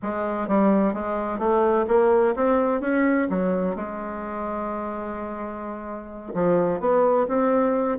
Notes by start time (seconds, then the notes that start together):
0.02 G#3
0.48 G3
0.93 G#3
1.38 A3
1.87 A#3
2.35 C4
2.81 C#4
3.29 F#3
3.75 G#3
6.34 F3
6.80 B3
7.28 C4